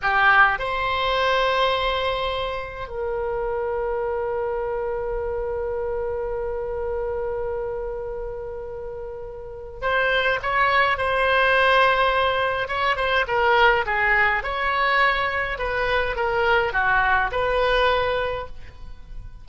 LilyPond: \new Staff \with { instrumentName = "oboe" } { \time 4/4 \tempo 4 = 104 g'4 c''2.~ | c''4 ais'2.~ | ais'1~ | ais'1~ |
ais'4 c''4 cis''4 c''4~ | c''2 cis''8 c''8 ais'4 | gis'4 cis''2 b'4 | ais'4 fis'4 b'2 | }